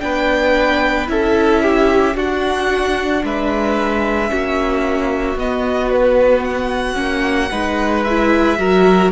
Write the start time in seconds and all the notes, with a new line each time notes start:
0.00 B3 D4 B4 G5
1.07 C#4 E4 A4 E5
1.63 G4
2.15 D4 F#4 F#5
3.23 G#3 B4 E5
4.28 A#3 C#4 F#4
5.35 B3 D#5
5.91 B4
6.44 F#5
6.95 A#3 C#4
7.51 G#3 D#4 B4
8.04 E4 E5
8.58 F#3 F#4 A#4